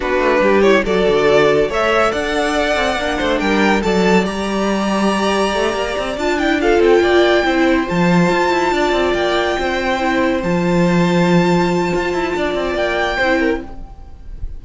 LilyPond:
<<
  \new Staff \with { instrumentName = "violin" } { \time 4/4 \tempo 4 = 141 b'4. cis''8 d''2 | e''4 fis''2. | g''4 a''4 ais''2~ | ais''2~ ais''8 a''8 g''8 f''8 |
g''2~ g''8 a''4.~ | a''4. g''2~ g''8~ | g''8 a''2.~ a''8~ | a''2 g''2 | }
  \new Staff \with { instrumentName = "violin" } { \time 4/4 fis'4 g'4 a'2 | cis''4 d''2~ d''8 c''8 | ais'4 d''2.~ | d''2.~ d''8 a'8~ |
a'8 d''4 c''2~ c''8~ | c''8 d''2 c''4.~ | c''1~ | c''4 d''2 c''8 ais'8 | }
  \new Staff \with { instrumentName = "viola" } { \time 4/4 d'4. e'8 fis'2 | a'2. d'4~ | d'4 a'4 g'2~ | g'2~ g'8 f'8 e'8 f'8~ |
f'4. e'4 f'4.~ | f'2.~ f'8 e'8~ | e'8 f'2.~ f'8~ | f'2. e'4 | }
  \new Staff \with { instrumentName = "cello" } { \time 4/4 b8 a8 g4 fis8 d4. | a4 d'4. c'8 ais8 a8 | g4 fis4 g2~ | g4 a8 ais8 c'8 d'4. |
c'8 ais4 c'4 f4 f'8 | e'8 d'8 c'8 ais4 c'4.~ | c'8 f2.~ f8 | f'8 e'8 d'8 c'8 ais4 c'4 | }
>>